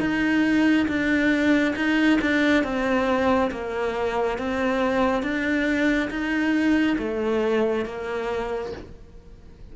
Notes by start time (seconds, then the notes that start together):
0.00 D#4
0.88 D4
1.76 D#4
2.21 D4
2.64 C4
3.51 A#3
4.38 C4
5.23 D4
6.10 D#4
6.98 A3
7.85 A#3